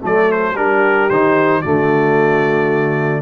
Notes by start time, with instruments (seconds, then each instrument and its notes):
0.00 tuba F#3, trombone A3, horn A4, trumpet D5
0.31 trumpet C5
0.53 tuba G3, trombone D4, horn G4, trumpet A#4
1.09 tuba D#3, trombone D#4, trumpet C5
1.61 tuba D3, trombone A3, horn F#4, trumpet D5